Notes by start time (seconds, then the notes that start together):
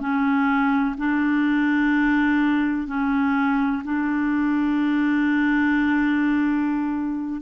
0.00 C#4
0.97 D4
2.87 C#4
3.84 D4